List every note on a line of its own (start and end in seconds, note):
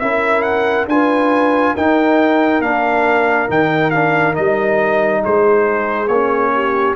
0.00 0.87 C#4
0.00 0.89 E4
0.00 0.90 A#4
0.00 0.42 E5
0.42 0.86 F#5
0.87 1.74 D4
0.87 1.77 F4
0.87 1.74 B4
0.87 1.76 G#5
1.74 2.61 D#4
1.74 2.63 D#4
1.74 5.22 A#4
1.74 2.62 G5
2.61 3.48 A#3
2.61 3.49 D4
2.61 3.49 F5
3.49 4.37 D#3
3.49 3.92 D#4
3.49 3.91 G5
3.91 4.34 D4
3.91 4.35 F5
4.34 5.25 G3
4.34 6.08 D#4
4.34 5.23 D#5
5.23 6.09 G#3
5.23 6.53 G#4
5.23 6.08 C5
6.08 6.95 A#3
6.08 6.95 C#5
6.14 6.96 C#4
6.55 6.96 G4